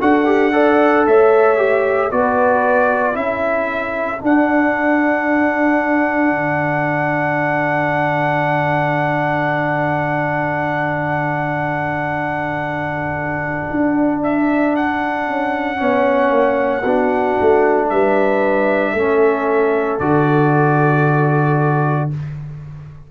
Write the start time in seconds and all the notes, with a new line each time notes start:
0.00 D4 F#4 A4 F#5
0.25 G4
0.52 A4 D5
1.07 A3 C#5 E5
1.57 G4
2.11 B3 F#4 B4 D5
3.13 C#4 E4 A4 E5
4.20 D4 F#5
6.30 D3
13.70 D4
14.23 E5
14.76 F#5
15.28 C#4
15.77 B3 C#4 C#5
16.30 A#3
16.82 B3 D4 F#4
17.40 A3
17.89 G3 B4 E5
18.93 A3 C#4 A4
19.99 D3 F#4 D5